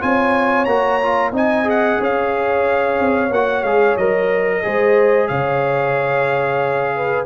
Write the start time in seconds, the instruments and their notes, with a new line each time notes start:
0.00 tuba C4, trombone F4, horn C#5, trumpet G#5
0.64 tuba A#3, trombone F#4, trumpet A#5
1.02 trombone F4
1.32 tuba C4, trombone D#4, horn D#5, trumpet G#5
1.64 trombone G#4, trumpet F#5
2.00 tuba C#4, horn C#5, trumpet F5
2.98 tuba C4
3.30 tuba A#3, trombone F#4, trumpet F#5
3.62 tuba G#3, trombone G#4, trumpet F5
3.97 tuba F#3, trombone A#4, trumpet D#5
4.62 tuba G#3, trombone G#4, horn C5
5.27 tuba C#3, horn C#5, trumpet F5
6.96 horn B4